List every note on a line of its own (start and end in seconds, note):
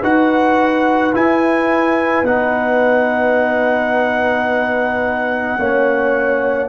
0.00 1.13 D#4
0.00 1.13 F#4
0.00 5.56 B4
0.00 1.14 F#5
1.13 2.25 E4
1.13 2.23 E4
1.13 2.25 G#5
2.23 5.56 B3
2.23 5.59 D#4
2.23 6.69 F#5
5.58 6.69 A#3
5.58 6.69 C#4
5.58 6.69 C#5